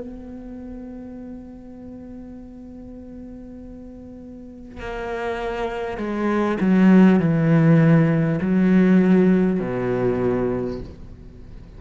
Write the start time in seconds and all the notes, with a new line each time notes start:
0.00 B3
4.79 A#3
5.97 G#3
6.60 F#3
7.19 E3
8.41 F#3
9.60 B2